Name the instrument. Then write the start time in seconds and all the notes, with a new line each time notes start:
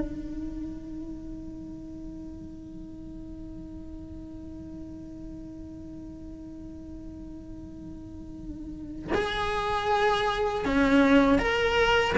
cello
0.00 D#4
9.14 G#4
10.65 C#4
11.39 A#4